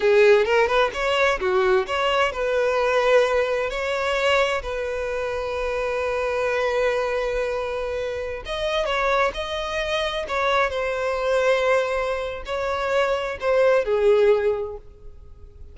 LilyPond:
\new Staff \with { instrumentName = "violin" } { \time 4/4 \tempo 4 = 130 gis'4 ais'8 b'8 cis''4 fis'4 | cis''4 b'2. | cis''2 b'2~ | b'1~ |
b'2~ b'16 dis''4 cis''8.~ | cis''16 dis''2 cis''4 c''8.~ | c''2. cis''4~ | cis''4 c''4 gis'2 | }